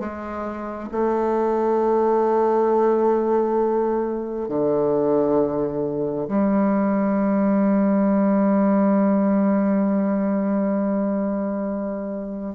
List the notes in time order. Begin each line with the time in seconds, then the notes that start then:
0.00 G#3
0.92 A3
4.49 D3
6.28 G3